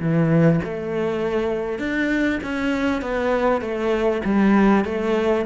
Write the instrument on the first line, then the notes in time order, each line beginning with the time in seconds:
cello
0.00 E3
0.64 A3
1.79 D4
2.43 C#4
3.02 B3
3.61 A3
4.25 G3
4.85 A3